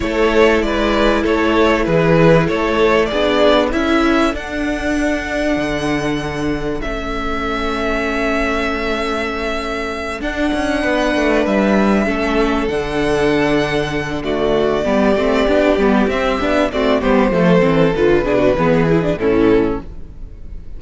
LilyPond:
<<
  \new Staff \with { instrumentName = "violin" } { \time 4/4 \tempo 4 = 97 cis''4 d''4 cis''4 b'4 | cis''4 d''4 e''4 fis''4~ | fis''2. e''4~ | e''1~ |
e''8 fis''2 e''4.~ | e''8 fis''2~ fis''8 d''4~ | d''2 e''4 d''8 c''8~ | c''4 b'2 a'4 | }
  \new Staff \with { instrumentName = "violin" } { \time 4/4 a'4 b'4 a'4 gis'4 | a'4 gis'4 a'2~ | a'1~ | a'1~ |
a'4. b'2 a'8~ | a'2. fis'4 | g'2. fis'8 g'8 | a'4. gis'16 fis'16 gis'4 e'4 | }
  \new Staff \with { instrumentName = "viola" } { \time 4/4 e'1~ | e'4 d'4 e'4 d'4~ | d'2. cis'4~ | cis'1~ |
cis'8 d'2. cis'8~ | cis'8 d'2~ d'8 a4 | b8 c'8 d'8 b8 c'8 d'8 c'8 b8 | a8 c'8 f'8 d'8 b8 e'16 d'16 cis'4 | }
  \new Staff \with { instrumentName = "cello" } { \time 4/4 a4 gis4 a4 e4 | a4 b4 cis'4 d'4~ | d'4 d2 a4~ | a1~ |
a8 d'8 cis'8 b8 a8 g4 a8~ | a8 d2.~ d8 | g8 a8 b8 g8 c'8 b8 a8 g8 | f8 e8 d8 b,8 e4 a,4 | }
>>